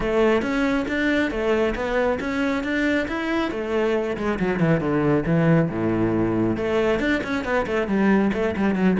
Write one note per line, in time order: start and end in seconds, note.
0.00 0.42 A3
0.42 0.85 C#4
0.88 1.30 D4
1.30 1.74 A3
1.75 2.18 B3
2.20 2.63 C#4
2.63 3.07 D4
3.08 3.51 E4
3.51 4.16 A3
4.17 4.39 G#3
4.39 4.59 F#3
4.59 4.80 E3
4.80 5.24 D3
5.26 5.69 E3
5.70 6.56 A2
6.56 6.99 A3
6.99 7.21 D4
7.23 7.44 C#4
7.44 7.66 B3
7.66 7.87 A3
7.87 8.31 G3
8.33 8.55 A3
8.56 8.75 G3
8.75 8.97 F#3